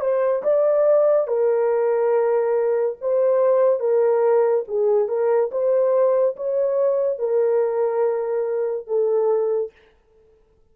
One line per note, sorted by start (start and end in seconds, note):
0.00 0.42 C5
0.43 1.27 D5
1.27 2.96 A#4
3.01 3.80 C5
3.80 4.64 A#4
4.67 5.08 G#4
5.08 5.50 A#4
5.51 6.35 C5
6.36 7.18 C#5
7.18 8.87 A#4
8.87 9.71 A4